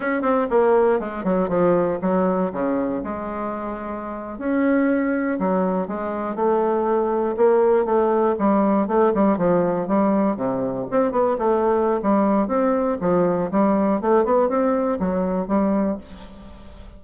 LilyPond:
\new Staff \with { instrumentName = "bassoon" } { \time 4/4 \tempo 4 = 120 cis'8 c'8 ais4 gis8 fis8 f4 | fis4 cis4 gis2~ | gis8. cis'2 fis4 gis16~ | gis8. a2 ais4 a16~ |
a8. g4 a8 g8 f4 g16~ | g8. c4 c'8 b8 a4~ a16 | g4 c'4 f4 g4 | a8 b8 c'4 fis4 g4 | }